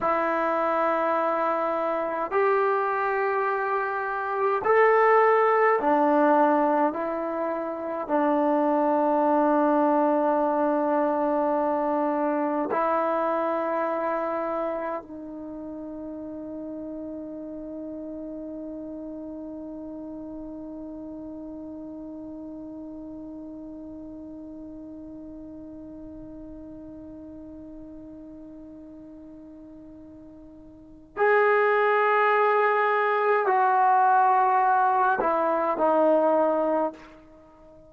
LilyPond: \new Staff \with { instrumentName = "trombone" } { \time 4/4 \tempo 4 = 52 e'2 g'2 | a'4 d'4 e'4 d'4~ | d'2. e'4~ | e'4 dis'2.~ |
dis'1~ | dis'1~ | dis'2. gis'4~ | gis'4 fis'4. e'8 dis'4 | }